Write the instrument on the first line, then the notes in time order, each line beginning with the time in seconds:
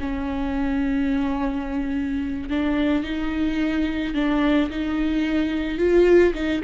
viola
0.00 C#4
2.50 D4
3.04 D#4
4.15 D4
4.71 D#4
5.79 F4
6.35 D#4